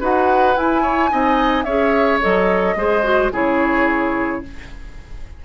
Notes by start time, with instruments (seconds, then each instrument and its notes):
0.00 bassoon D#4, clarinet F#4, oboe B4, flute F#5
0.54 clarinet E4, bassoon E4, flute G#5
0.82 oboe C#5
1.09 bassoon C4, clarinet D#4, oboe D#5
1.63 bassoon C#4, clarinet G#4, oboe C#5, flute E5
2.21 bassoon F#3, clarinet A4, flute D#5
2.75 bassoon G#3, clarinet G#4, oboe C5
3.03 clarinet F#4
3.33 bassoon C#3, clarinet E4, oboe G#4, flute C#5